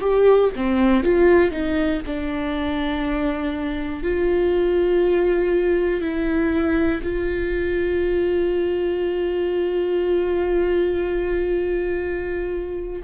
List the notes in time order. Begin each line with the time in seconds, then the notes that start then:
0.00 G4
0.55 C4
1.03 F4
1.50 D#4
2.06 D4
4.03 F4
6.00 E4
7.03 F4